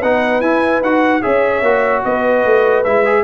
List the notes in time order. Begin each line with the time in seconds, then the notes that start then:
0.00 B3 D#4 B4 F#5
0.41 E4 G#5
0.81 D#4 F#4 F#5
1.22 C#4 G#4 C#5 E5
1.62 A#3 F#4
2.04 B3 B4 D#5
2.45 A3
2.84 G#3 E4 E5
3.05 G#4